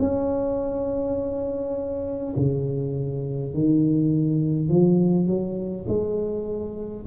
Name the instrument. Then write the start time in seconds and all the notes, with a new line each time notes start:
tuba
0.00 C#4
2.36 C#3
3.55 D#3
4.70 F3
5.27 F#3
5.89 G#3